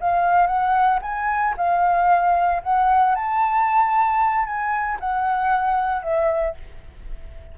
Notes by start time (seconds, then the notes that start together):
0.00 F5
0.46 F#5
1.02 G#5
1.57 F5
2.63 F#5
3.15 A5
4.45 G#5
5.00 F#5
6.02 E5